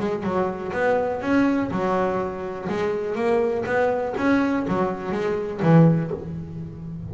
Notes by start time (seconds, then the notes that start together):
0.00 G#3
0.24 F#3
0.73 B3
1.22 C#4
1.71 F#3
2.70 G#3
3.16 A#3
3.66 B3
4.18 C#4
4.68 F#3
5.12 G#3
5.63 E3